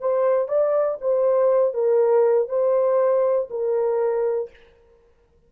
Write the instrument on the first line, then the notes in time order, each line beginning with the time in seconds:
horn
0.00 C5
0.48 D5
1.01 C5
1.74 A#4
2.49 C5
3.50 A#4